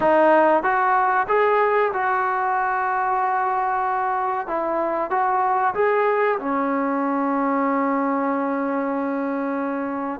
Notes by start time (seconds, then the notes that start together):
0.00 D#4
0.63 F#4
1.28 G#4
1.93 F#4
4.47 E4
5.10 F#4
5.74 G#4
6.39 C#4